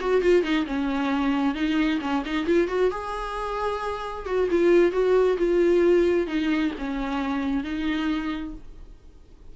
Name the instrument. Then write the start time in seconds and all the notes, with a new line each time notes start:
viola
0.00 F#4
0.21 F4
0.43 D#4
0.66 C#4
1.54 D#4
2.01 C#4
2.25 D#4
2.46 F4
2.68 F#4
2.91 G#4
4.26 F#4
4.51 F4
4.92 F#4
5.38 F4
6.27 D#4
6.78 C#4
7.64 D#4